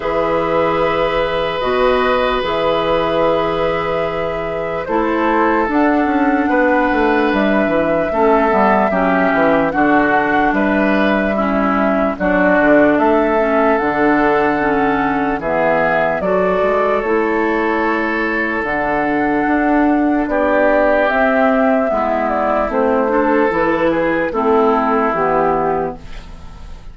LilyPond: <<
  \new Staff \with { instrumentName = "flute" } { \time 4/4 \tempo 4 = 74 e''2 dis''4 e''4~ | e''2 c''4 fis''4~ | fis''4 e''2. | fis''4 e''2 d''4 |
e''4 fis''2 e''4 | d''4 cis''2 fis''4~ | fis''4 d''4 e''4. d''8 | c''4 b'4 a'4 g'4 | }
  \new Staff \with { instrumentName = "oboe" } { \time 4/4 b'1~ | b'2 a'2 | b'2 a'4 g'4 | fis'4 b'4 e'4 fis'4 |
a'2. gis'4 | a'1~ | a'4 g'2 e'4~ | e'8 a'4 gis'8 e'2 | }
  \new Staff \with { instrumentName = "clarinet" } { \time 4/4 gis'2 fis'4 gis'4~ | gis'2 e'4 d'4~ | d'2 cis'8 b8 cis'4 | d'2 cis'4 d'4~ |
d'8 cis'8 d'4 cis'4 b4 | fis'4 e'2 d'4~ | d'2 c'4 b4 | c'8 d'8 e'4 c'4 b4 | }
  \new Staff \with { instrumentName = "bassoon" } { \time 4/4 e2 b,4 e4~ | e2 a4 d'8 cis'8 | b8 a8 g8 e8 a8 g8 fis8 e8 | d4 g2 fis8 d8 |
a4 d2 e4 | fis8 gis8 a2 d4 | d'4 b4 c'4 gis4 | a4 e4 a4 e4 | }
>>